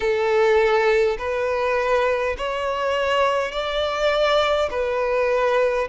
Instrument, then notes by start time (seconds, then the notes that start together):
violin
0.00 A4
1.18 B4
2.37 C#5
3.51 D5
4.70 B4